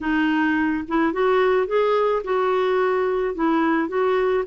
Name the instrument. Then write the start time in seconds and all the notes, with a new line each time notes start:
clarinet
0.00 D#4
0.87 E4
1.12 F#4
1.66 G#4
2.24 F#4
3.34 E4
3.88 F#4